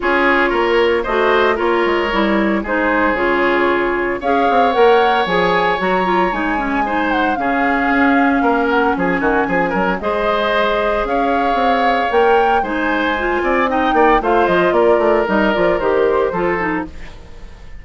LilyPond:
<<
  \new Staff \with { instrumentName = "flute" } { \time 4/4 \tempo 4 = 114 cis''2 dis''4 cis''4~ | cis''4 c''4 cis''2 | f''4 fis''4 gis''4 ais''4 | gis''4. fis''8 f''2~ |
f''8 fis''8 gis''2 dis''4~ | dis''4 f''2 g''4 | gis''2 g''4 f''8 dis''8 | d''4 dis''8 d''8 c''2 | }
  \new Staff \with { instrumentName = "oboe" } { \time 4/4 gis'4 ais'4 c''4 ais'4~ | ais'4 gis'2. | cis''1~ | cis''4 c''4 gis'2 |
ais'4 gis'8 fis'8 gis'8 ais'8 c''4~ | c''4 cis''2. | c''4. d''8 dis''8 d''8 c''4 | ais'2. a'4 | }
  \new Staff \with { instrumentName = "clarinet" } { \time 4/4 f'2 fis'4 f'4 | e'4 dis'4 f'2 | gis'4 ais'4 gis'4 fis'8 f'8 | dis'8 cis'8 dis'4 cis'2~ |
cis'2. gis'4~ | gis'2. ais'4 | dis'4 f'4 dis'4 f'4~ | f'4 dis'8 f'8 g'4 f'8 dis'8 | }
  \new Staff \with { instrumentName = "bassoon" } { \time 4/4 cis'4 ais4 a4 ais8 gis8 | g4 gis4 cis2 | cis'8 c'8 ais4 f4 fis4 | gis2 cis4 cis'4 |
ais4 f8 dis8 f8 fis8 gis4~ | gis4 cis'4 c'4 ais4 | gis4. c'4 ais8 a8 f8 | ais8 a8 g8 f8 dis4 f4 | }
>>